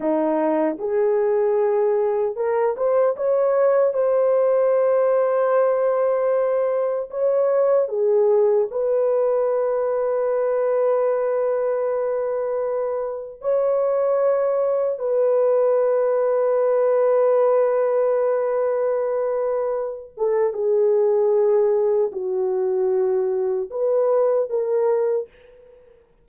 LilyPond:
\new Staff \with { instrumentName = "horn" } { \time 4/4 \tempo 4 = 76 dis'4 gis'2 ais'8 c''8 | cis''4 c''2.~ | c''4 cis''4 gis'4 b'4~ | b'1~ |
b'4 cis''2 b'4~ | b'1~ | b'4. a'8 gis'2 | fis'2 b'4 ais'4 | }